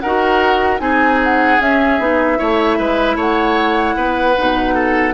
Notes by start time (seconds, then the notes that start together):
0.00 D#4 A#4 F#5
0.06 F#4
0.79 C4 D#4 G#4 G#5
1.24 F#5
1.60 C#4 E5
1.99 B3 D#4
2.37 A3 E4 C#5
2.78 G#3 B4
3.16 A3 C#5 F#5
3.96 B3 B4
4.38 B2 D#4
4.75 A4